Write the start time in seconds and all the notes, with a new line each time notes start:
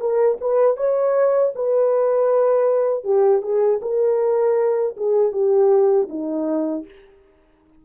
0.00 A#4
0.40 B4
0.77 C#5
1.55 B4
3.04 G4
3.42 G#4
3.81 A#4
4.97 G#4
5.32 G4
6.09 D#4